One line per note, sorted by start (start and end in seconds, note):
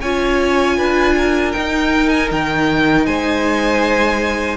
0.00 0.78 C#4
0.00 1.54 F4
0.00 0.76 C#5
0.00 1.51 G#5
0.77 1.54 D4
0.77 1.15 B4
1.17 3.06 A#4
1.51 4.56 D#4
1.51 2.31 D#4
1.51 2.08 G5
2.09 2.28 G#5
2.31 3.06 D#3
2.31 3.05 G5
3.05 4.56 G#3
3.05 4.56 C5
3.05 4.56 G#5